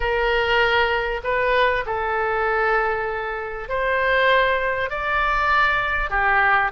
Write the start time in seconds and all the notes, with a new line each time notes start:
0.00 A#4
1.23 B4
1.86 A4
3.68 C5
4.90 D5
6.09 G4